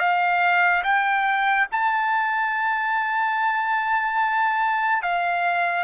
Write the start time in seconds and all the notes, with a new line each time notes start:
0.00 F5
0.84 G5
1.72 A5
5.03 F5